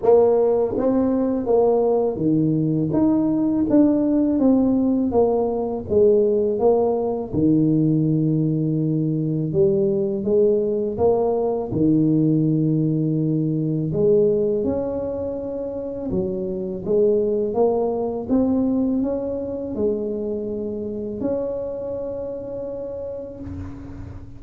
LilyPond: \new Staff \with { instrumentName = "tuba" } { \time 4/4 \tempo 4 = 82 ais4 c'4 ais4 dis4 | dis'4 d'4 c'4 ais4 | gis4 ais4 dis2~ | dis4 g4 gis4 ais4 |
dis2. gis4 | cis'2 fis4 gis4 | ais4 c'4 cis'4 gis4~ | gis4 cis'2. | }